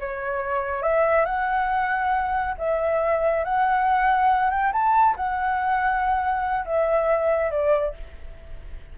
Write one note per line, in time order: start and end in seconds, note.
0.00 0.82 C#5
0.82 1.25 E5
1.25 2.55 F#5
2.58 3.44 E5
3.44 4.50 F#5
4.50 4.72 G5
4.72 5.16 A5
5.16 6.66 F#5
6.66 7.51 E5
7.51 7.94 D5